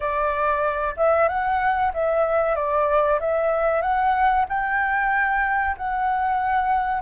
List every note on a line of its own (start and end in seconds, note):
0.00 0.95 D5
0.96 1.28 E5
1.28 1.92 F#5
1.93 2.55 E5
2.55 3.19 D5
3.19 3.81 E5
3.81 4.45 F#5
4.48 5.76 G5
5.77 7.01 F#5